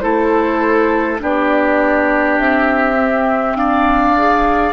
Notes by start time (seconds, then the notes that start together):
0.00 A3 E4 A4 C5
1.18 B3 D4 G4 D5
2.38 C4 E5
2.98 C4
3.55 D4 D5 F5
4.16 G#4